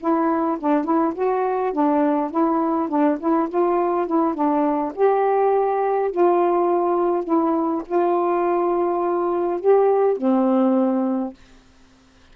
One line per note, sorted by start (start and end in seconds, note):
0.00 0.58 E4
0.60 0.84 D4
0.84 1.14 E4
1.15 1.73 F#4
1.73 2.31 D4
2.31 2.89 E4
2.89 3.18 D4
3.20 3.49 E4
3.49 4.07 F4
4.07 4.35 E4
4.35 4.93 D4
4.95 6.11 G4
6.11 7.24 F4
7.24 7.82 E4
7.86 9.61 F4
9.61 10.17 G4
10.17 11.34 C4